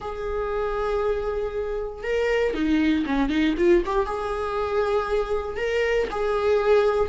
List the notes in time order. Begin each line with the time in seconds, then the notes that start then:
0.00 G#4
2.03 A#4
2.54 D#4
3.06 C#4
3.29 D#4
3.57 F4
3.85 G4
4.06 G#4
5.57 A#4
6.10 G#4